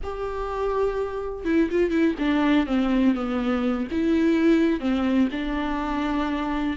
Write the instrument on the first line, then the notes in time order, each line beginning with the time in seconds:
viola
0.03 G4
1.45 E4
1.70 F4
1.90 E4
2.19 D4
2.66 C4
3.15 B3
3.91 E4
4.80 C4
5.31 D4